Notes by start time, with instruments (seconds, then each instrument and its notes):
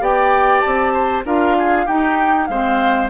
0.00 bassoon B3, clarinet G4, oboe D5, flute G5
0.60 bassoon C4, flute A5
0.93 oboe C5
1.25 bassoon D4, clarinet F4, oboe A#4, flute F5
1.58 oboe G#4
1.85 clarinet D#4, bassoon D#4, oboe G4, flute G5
2.46 bassoon G#3, clarinet C4, oboe C5, flute F5